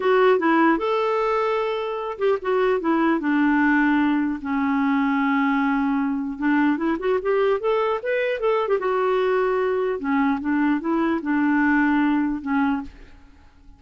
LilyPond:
\new Staff \with { instrumentName = "clarinet" } { \time 4/4 \tempo 4 = 150 fis'4 e'4 a'2~ | a'4. g'8 fis'4 e'4 | d'2. cis'4~ | cis'1 |
d'4 e'8 fis'8 g'4 a'4 | b'4 a'8. g'16 fis'2~ | fis'4 cis'4 d'4 e'4 | d'2. cis'4 | }